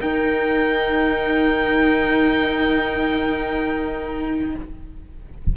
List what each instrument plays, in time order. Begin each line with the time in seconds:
0.00 cello D#4, horn A#4, violin G5